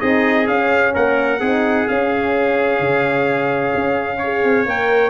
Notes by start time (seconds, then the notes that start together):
0.00 C4 D#4 G#4 D#5
0.47 C#4 F5
0.94 A#3 A#4 F#5
1.40 C4 D#4 G#4
1.88 C#4 F5
2.80 C#3
3.75 C#4
4.18 C#5
4.24 G#4
4.44 C4
4.66 A#3 A#4 G5